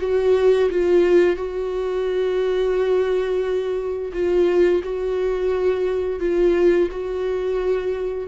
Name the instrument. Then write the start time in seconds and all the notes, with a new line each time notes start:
viola
0.00 F#4
0.70 F4
1.36 F#4
4.13 F4
4.83 F#4
6.20 F4
6.91 F#4